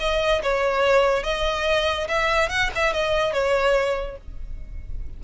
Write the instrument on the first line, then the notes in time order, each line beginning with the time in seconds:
violin
0.00 D#5
0.43 C#5
1.24 D#5
2.09 E5
2.50 F#5
2.76 E5
2.94 D#5
3.33 C#5